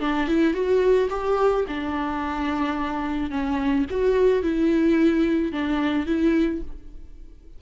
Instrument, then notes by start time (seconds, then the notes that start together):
viola
0.00 D4
0.28 E4
0.53 F#4
1.10 G4
1.68 D4
3.30 C#4
3.90 F#4
4.42 E4
5.52 D4
6.06 E4